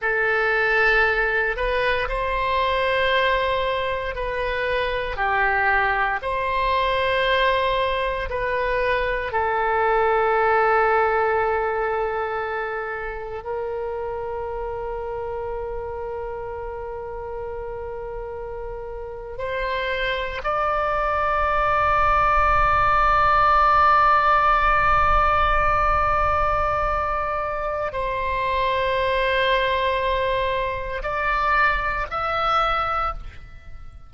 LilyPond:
\new Staff \with { instrumentName = "oboe" } { \time 4/4 \tempo 4 = 58 a'4. b'8 c''2 | b'4 g'4 c''2 | b'4 a'2.~ | a'4 ais'2.~ |
ais'2~ ais'8. c''4 d''16~ | d''1~ | d''2. c''4~ | c''2 d''4 e''4 | }